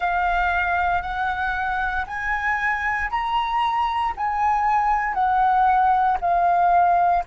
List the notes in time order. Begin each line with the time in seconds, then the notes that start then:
0.00 F5
1.02 F#5
2.06 G#5
3.10 A#5
4.17 G#5
5.13 F#5
6.20 F5